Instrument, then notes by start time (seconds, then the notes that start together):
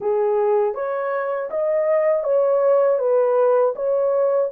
horn
0.00 G#4
0.74 C#5
1.50 D#5
2.23 C#5
2.99 B4
3.75 C#5